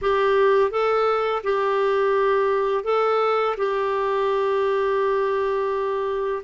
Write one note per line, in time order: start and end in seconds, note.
0.01 0.70 G4
0.70 1.42 A4
1.43 2.84 G4
2.84 3.55 A4
3.57 6.43 G4